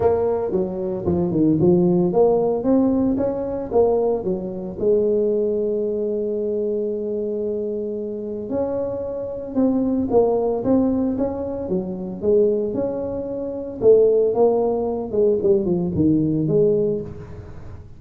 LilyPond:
\new Staff \with { instrumentName = "tuba" } { \time 4/4 \tempo 4 = 113 ais4 fis4 f8 dis8 f4 | ais4 c'4 cis'4 ais4 | fis4 gis2.~ | gis1 |
cis'2 c'4 ais4 | c'4 cis'4 fis4 gis4 | cis'2 a4 ais4~ | ais8 gis8 g8 f8 dis4 gis4 | }